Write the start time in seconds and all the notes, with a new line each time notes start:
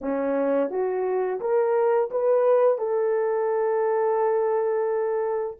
0.01 C#4
0.70 F#4
1.40 A#4
2.11 B4
2.78 A4